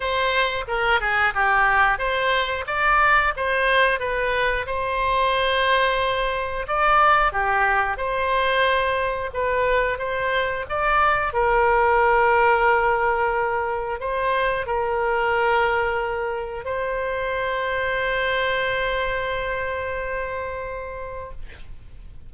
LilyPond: \new Staff \with { instrumentName = "oboe" } { \time 4/4 \tempo 4 = 90 c''4 ais'8 gis'8 g'4 c''4 | d''4 c''4 b'4 c''4~ | c''2 d''4 g'4 | c''2 b'4 c''4 |
d''4 ais'2.~ | ais'4 c''4 ais'2~ | ais'4 c''2.~ | c''1 | }